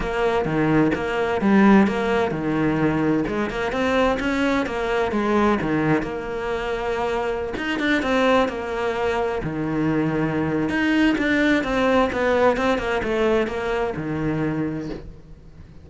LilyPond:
\new Staff \with { instrumentName = "cello" } { \time 4/4 \tempo 4 = 129 ais4 dis4 ais4 g4 | ais4 dis2 gis8 ais8 | c'4 cis'4 ais4 gis4 | dis4 ais2.~ |
ais16 dis'8 d'8 c'4 ais4.~ ais16~ | ais16 dis2~ dis8. dis'4 | d'4 c'4 b4 c'8 ais8 | a4 ais4 dis2 | }